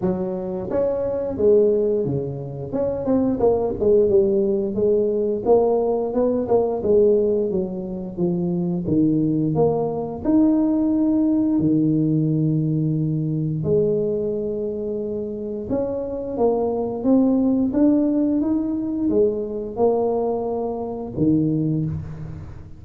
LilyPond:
\new Staff \with { instrumentName = "tuba" } { \time 4/4 \tempo 4 = 88 fis4 cis'4 gis4 cis4 | cis'8 c'8 ais8 gis8 g4 gis4 | ais4 b8 ais8 gis4 fis4 | f4 dis4 ais4 dis'4~ |
dis'4 dis2. | gis2. cis'4 | ais4 c'4 d'4 dis'4 | gis4 ais2 dis4 | }